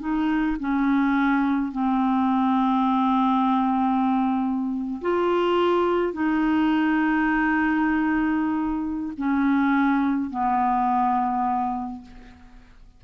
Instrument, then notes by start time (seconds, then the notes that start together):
clarinet
0.00 D#4
0.60 C#4
1.72 C4
5.02 F4
6.13 D#4
9.17 C#4
10.30 B3